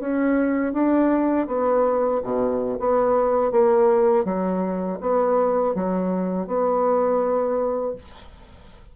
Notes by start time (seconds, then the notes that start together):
0.00 C#4
0.73 D4
1.47 B3
2.24 B2
2.80 B3
3.52 A#3
4.25 F#3
5.01 B3
5.75 F#3
6.47 B3